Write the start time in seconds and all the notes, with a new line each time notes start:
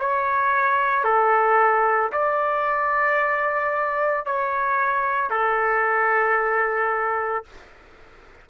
0.00 C#5
1.04 A4
2.12 D5
4.26 C#5
5.30 A4